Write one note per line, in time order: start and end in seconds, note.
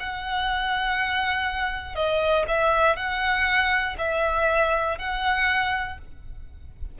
0.00 1.96 F#5
1.96 2.46 D#5
2.48 2.96 E5
2.96 3.96 F#5
3.98 4.98 E5
4.99 5.99 F#5